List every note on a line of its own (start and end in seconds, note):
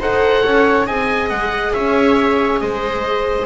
0.00 0.43 D#4
0.00 0.87 A4
0.00 0.43 C5
0.00 0.87 F#5
0.44 0.88 C#4
0.44 0.87 C#5
0.87 1.31 C4
0.87 3.47 G#4
0.87 1.74 D#5
0.87 1.30 G#5
1.30 1.74 G#3
1.30 1.73 F#5
1.73 2.62 C#4
1.73 2.62 C#5
1.73 2.60 E5
2.60 3.47 G#3
2.60 3.47 C5
2.60 3.47 D#5